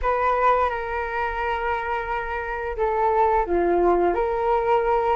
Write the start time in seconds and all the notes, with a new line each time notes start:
0.02 B4
0.69 A#4
2.76 A4
3.45 F4
4.14 A#4